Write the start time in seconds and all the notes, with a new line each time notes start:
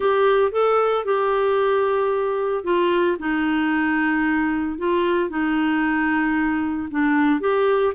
0.00 G4
0.51 A4
1.05 G4
2.64 F4
3.19 D#4
4.78 F4
5.29 D#4
6.91 D4
7.40 G4